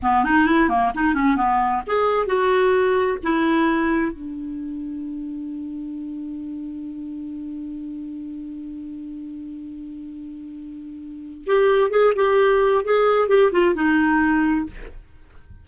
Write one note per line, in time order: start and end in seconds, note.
0.02 0.24 B3
0.24 0.46 D#4
0.46 0.69 E4
0.69 0.92 A#3
0.95 1.14 D#4
1.14 1.36 C#4
1.36 1.82 B3
1.86 2.26 G#4
2.26 3.18 F#4
3.23 4.12 E4
4.12 11.45 D4
11.46 11.90 G4
11.90 12.13 G#4
12.15 12.84 G4
12.84 13.28 G#4
13.28 13.51 G4
13.51 13.74 F4
13.74 14.66 D#4